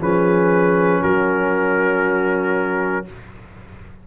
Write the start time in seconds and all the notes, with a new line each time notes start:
0.00 F3 C#4 G#4 B4
1.01 F#3 F#4 A#4